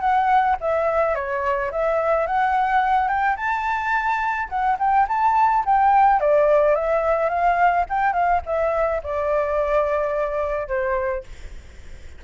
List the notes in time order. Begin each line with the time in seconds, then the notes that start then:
0.00 F#5
0.60 E5
1.15 C#5
1.71 E5
2.26 F#5
3.08 G5
3.36 A5
4.49 F#5
4.79 G5
5.08 A5
5.65 G5
6.20 D5
6.75 E5
7.29 F5
7.89 G5
8.13 F5
8.46 E5
9.03 D5
10.67 C5